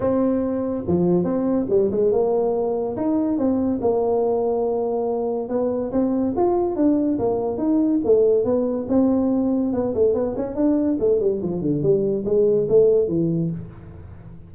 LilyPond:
\new Staff \with { instrumentName = "tuba" } { \time 4/4 \tempo 4 = 142 c'2 f4 c'4 | g8 gis8 ais2 dis'4 | c'4 ais2.~ | ais4 b4 c'4 f'4 |
d'4 ais4 dis'4 a4 | b4 c'2 b8 a8 | b8 cis'8 d'4 a8 g8 f8 d8 | g4 gis4 a4 e4 | }